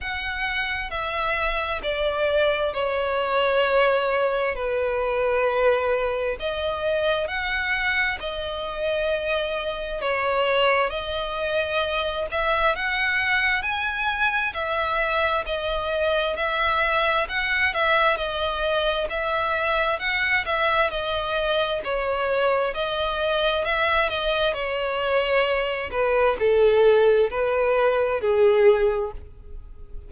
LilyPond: \new Staff \with { instrumentName = "violin" } { \time 4/4 \tempo 4 = 66 fis''4 e''4 d''4 cis''4~ | cis''4 b'2 dis''4 | fis''4 dis''2 cis''4 | dis''4. e''8 fis''4 gis''4 |
e''4 dis''4 e''4 fis''8 e''8 | dis''4 e''4 fis''8 e''8 dis''4 | cis''4 dis''4 e''8 dis''8 cis''4~ | cis''8 b'8 a'4 b'4 gis'4 | }